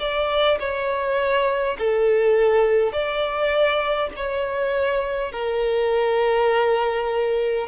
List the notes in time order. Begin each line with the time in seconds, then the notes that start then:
0.00 D5
0.60 C#5
1.79 A4
2.93 D5
4.17 C#5
5.33 A#4